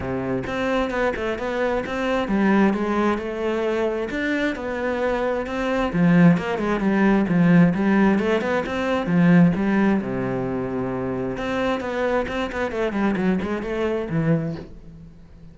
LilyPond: \new Staff \with { instrumentName = "cello" } { \time 4/4 \tempo 4 = 132 c4 c'4 b8 a8 b4 | c'4 g4 gis4 a4~ | a4 d'4 b2 | c'4 f4 ais8 gis8 g4 |
f4 g4 a8 b8 c'4 | f4 g4 c2~ | c4 c'4 b4 c'8 b8 | a8 g8 fis8 gis8 a4 e4 | }